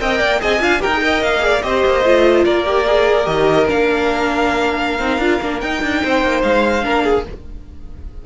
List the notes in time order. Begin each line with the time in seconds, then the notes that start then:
0.00 C4 A#4 D#5 G5
0.19 A#3 D5
0.39 C4 G#4 D#5 G#5
0.60 D4 F4 F5
0.80 D#4 G4 A#4 G5
0.93 G#4
1.00 A#4 D#5
1.22 A#3 F5
1.39 G#4 D5
1.62 C4 G4 C5 D#5
1.85 A#3
2.05 A3 F4
2.45 A#3 A#4 D5
2.65 G4
2.87 G#4
3.24 D#3 G4 D#5
3.67 A#3 D4 F5
4.99 C4 D#4
5.18 D4 F4
5.41 A#3 D4
5.60 D#4 G5
5.82 D4
6.03 C4 C5
6.22 A#3
6.43 G#3 F5
6.82 A#3 D4 A#4
7.04 G#4